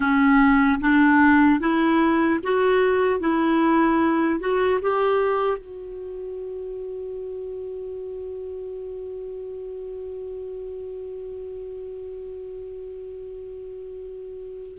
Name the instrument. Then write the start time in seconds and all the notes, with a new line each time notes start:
clarinet
0.00 C#4
0.80 D4
1.60 E4
2.43 F#4
3.20 E4
4.40 F#4
4.81 G4
5.57 F#4